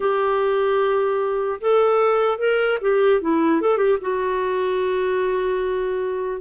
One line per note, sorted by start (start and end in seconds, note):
0.00 1.60 G4
1.60 2.38 A4
2.38 2.78 A#4
2.81 3.21 G4
3.21 3.61 E4
3.61 3.77 A4
3.77 3.97 G4
4.01 6.41 F#4